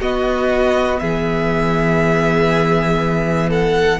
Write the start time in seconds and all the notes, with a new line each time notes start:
0.00 B3 F#4 D#5
0.99 E3 G#4 E5
3.49 A4 F#5